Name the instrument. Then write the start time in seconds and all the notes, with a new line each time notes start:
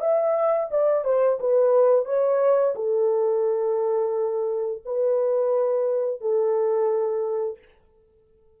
horn
0.00 E5
0.71 D5
1.04 C5
1.39 B4
2.05 C#5
2.75 A4
4.85 B4
6.20 A4